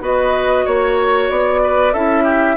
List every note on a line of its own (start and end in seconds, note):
0.00 0.64 B3
0.00 1.91 F#4
0.00 0.65 B4
0.00 0.66 D#5
0.65 1.30 A#3
0.65 1.61 C#5
0.65 1.30 C#5
1.30 1.93 B3
1.30 1.93 D5
1.63 1.93 B4
1.93 2.56 C#4
1.93 2.56 E4
1.93 2.23 A4
1.93 2.56 E5
2.23 2.55 G4